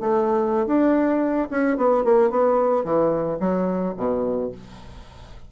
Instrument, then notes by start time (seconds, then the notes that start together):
bassoon
0.00 A3
0.66 D4
1.50 C#4
1.77 B3
2.04 A#3
2.30 B3
2.84 E3
3.39 F#3
3.97 B2